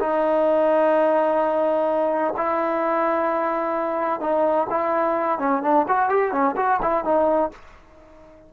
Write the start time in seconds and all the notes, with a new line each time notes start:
0.00 D#4
2.37 E4
4.21 D#4
4.70 E4
5.39 C#4
5.63 D4
5.88 F#4
6.10 G4
6.32 C#4
6.57 F#4
6.82 E4
7.05 D#4